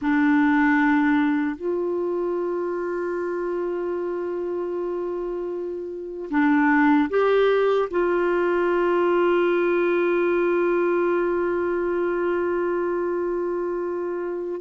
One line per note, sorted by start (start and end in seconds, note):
0.01 1.55 D4
1.55 6.29 F4
6.30 7.09 D4
7.09 7.88 G4
7.90 14.61 F4